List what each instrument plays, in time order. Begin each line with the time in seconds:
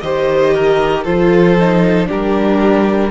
0.00 cello D#3, viola G4, violin C5 D#5
0.54 violin A#4
1.03 cello F3, viola F4, violin A4 C5
1.59 viola D#4
2.06 cello G3, viola D4, violin G4 A#4